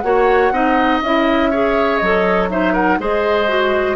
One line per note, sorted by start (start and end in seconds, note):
0.00 0.51 A#3
0.00 0.53 F#4
0.00 0.53 C#5
0.00 0.98 F#5
0.51 1.00 C4
0.51 1.02 D#4
0.51 1.50 D#5
1.01 2.00 C#4
1.01 1.53 E4
1.01 1.97 E5
1.50 2.02 G#4
1.50 2.49 C#5
1.97 2.99 F#3
1.97 2.50 A4
1.97 2.47 D#5
2.50 2.99 D#4
2.50 2.73 C5
2.50 2.74 E5
2.73 2.97 A#4
2.73 2.99 F#5
2.99 3.96 G#3
2.99 3.48 G#4
2.99 3.96 C5
2.99 3.96 D#5
3.48 3.96 F#4